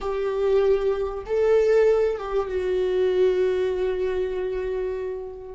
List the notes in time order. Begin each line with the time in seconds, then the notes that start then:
0.00 G4
1.26 A4
2.18 G4
2.48 F#4